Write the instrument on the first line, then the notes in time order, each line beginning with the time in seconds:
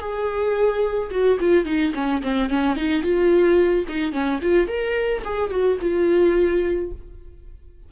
viola
0.00 G#4
1.11 F#4
1.40 F4
1.65 D#4
1.95 C#4
2.23 C4
2.50 C#4
2.76 D#4
3.03 F4
3.89 D#4
4.12 C#4
4.42 F4
4.68 A#4
5.25 G#4
5.50 F#4
5.81 F4